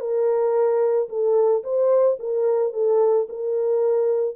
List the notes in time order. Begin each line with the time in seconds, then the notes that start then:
0.00 A#4
1.09 A4
1.63 C5
2.19 A#4
2.73 A4
3.29 A#4